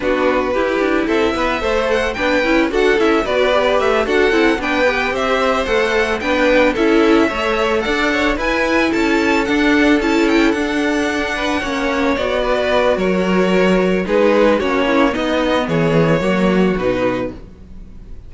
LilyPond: <<
  \new Staff \with { instrumentName = "violin" } { \time 4/4 \tempo 4 = 111 b'2 e''4. fis''8 | g''4 fis''8 e''8 d''4 e''8 fis''8~ | fis''8 g''4 e''4 fis''4 g''8~ | g''8 e''2 fis''4 gis''8~ |
gis''8 a''4 fis''4 a''8 g''8 fis''8~ | fis''2~ fis''8 d''4. | cis''2 b'4 cis''4 | dis''4 cis''2 b'4 | }
  \new Staff \with { instrumentName = "violin" } { \time 4/4 fis'4 g'4 a'8 b'8 c''4 | b'4 a'4 b'4. a'8~ | a'8 b'4 c''2 b'8~ | b'8 a'4 cis''4 d''8 cis''8 b'8~ |
b'8 a'2.~ a'8~ | a'4 b'8 cis''4. b'4 | ais'2 gis'4 fis'8 e'8 | dis'4 gis'4 fis'2 | }
  \new Staff \with { instrumentName = "viola" } { \time 4/4 d'4 e'2 a'4 | d'8 e'8 fis'8 e'8 fis'8 g'4 fis'8 | e'8 d'8 g'4. a'4 d'8~ | d'8 e'4 a'2 e'8~ |
e'4. d'4 e'4 d'8~ | d'4. cis'4 fis'4.~ | fis'2 dis'4 cis'4 | b2 ais4 dis'4 | }
  \new Staff \with { instrumentName = "cello" } { \time 4/4 b4 e'8 d'8 c'8 b8 a4 | b8 cis'8 d'8 cis'8 b4 a8 d'8 | c'8 b4 c'4 a4 b8~ | b8 cis'4 a4 d'4 e'8~ |
e'8 cis'4 d'4 cis'4 d'8~ | d'4. ais4 b4. | fis2 gis4 ais4 | b4 e4 fis4 b,4 | }
>>